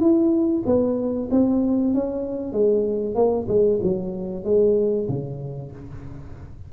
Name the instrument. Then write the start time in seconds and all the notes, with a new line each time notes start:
tuba
0.00 E4
0.66 B3
1.31 C4
1.94 C#4
2.53 G#3
3.15 A#3
3.49 G#3
3.83 F#3
4.44 G#3
5.09 C#3